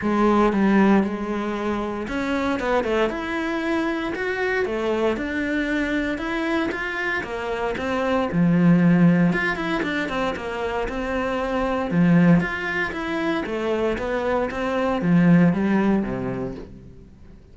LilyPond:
\new Staff \with { instrumentName = "cello" } { \time 4/4 \tempo 4 = 116 gis4 g4 gis2 | cis'4 b8 a8 e'2 | fis'4 a4 d'2 | e'4 f'4 ais4 c'4 |
f2 f'8 e'8 d'8 c'8 | ais4 c'2 f4 | f'4 e'4 a4 b4 | c'4 f4 g4 c4 | }